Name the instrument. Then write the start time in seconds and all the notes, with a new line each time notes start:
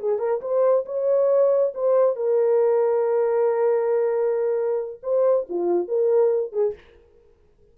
horn
0.00 G#4
0.19 A#4
0.42 C5
0.86 C#5
1.75 C5
2.16 A#4
5.03 C5
5.49 F4
5.88 A#4
6.53 G#4